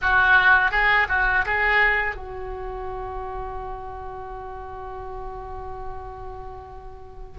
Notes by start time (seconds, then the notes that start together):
0.01 F#4
0.71 G#4
1.08 F#4
1.45 G#4
2.15 F#4